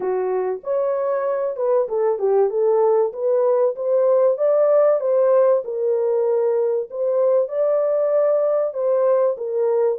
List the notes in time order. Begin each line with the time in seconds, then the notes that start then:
0.00 F#4
0.63 C#5
1.56 B4
1.88 A4
2.18 G4
2.50 A4
3.12 B4
3.75 C5
4.38 D5
5.00 C5
5.64 A#4
6.90 C5
7.48 D5
8.73 C5
9.37 A#4